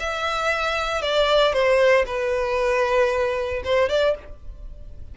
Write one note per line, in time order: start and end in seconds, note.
0.00 1.02 E5
1.02 1.53 D5
1.53 2.05 C5
2.06 3.63 B4
3.64 3.89 C5
3.89 4.15 D5